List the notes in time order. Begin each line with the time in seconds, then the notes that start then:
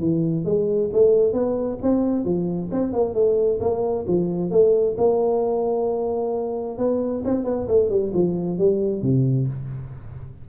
0.00 E3
0.45 G#3
0.93 A3
1.33 B3
1.83 C4
2.25 F3
2.72 C4
2.93 A#3
3.14 A3
3.61 A#3
4.08 F3
4.51 A3
4.98 A#3
6.79 B3
7.25 C4
7.45 B3
7.68 A3
7.90 G3
8.14 F3
8.59 G3
9.02 C3